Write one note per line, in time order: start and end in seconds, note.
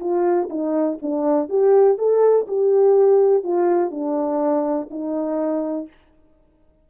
0.00 0.49 F4
0.50 0.98 D#4
1.02 1.49 D4
1.49 1.98 G4
1.98 2.47 A4
2.48 3.44 G4
3.44 3.91 F4
3.91 4.88 D4
4.90 5.88 D#4